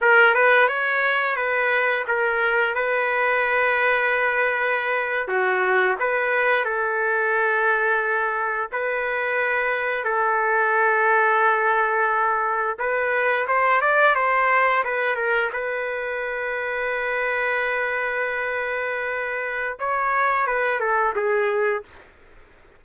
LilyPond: \new Staff \with { instrumentName = "trumpet" } { \time 4/4 \tempo 4 = 88 ais'8 b'8 cis''4 b'4 ais'4 | b'2.~ b'8. fis'16~ | fis'8. b'4 a'2~ a'16~ | a'8. b'2 a'4~ a'16~ |
a'2~ a'8. b'4 c''16~ | c''16 d''8 c''4 b'8 ais'8 b'4~ b'16~ | b'1~ | b'4 cis''4 b'8 a'8 gis'4 | }